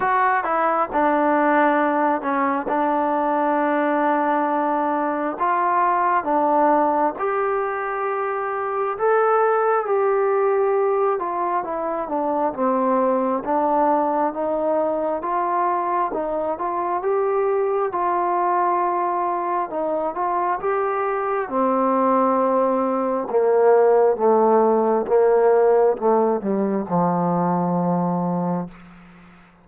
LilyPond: \new Staff \with { instrumentName = "trombone" } { \time 4/4 \tempo 4 = 67 fis'8 e'8 d'4. cis'8 d'4~ | d'2 f'4 d'4 | g'2 a'4 g'4~ | g'8 f'8 e'8 d'8 c'4 d'4 |
dis'4 f'4 dis'8 f'8 g'4 | f'2 dis'8 f'8 g'4 | c'2 ais4 a4 | ais4 a8 g8 f2 | }